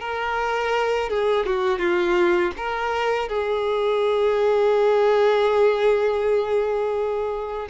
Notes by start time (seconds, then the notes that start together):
0.00 A#4
1.09 G#4
1.46 F#4
1.79 F4
2.57 A#4
3.29 G#4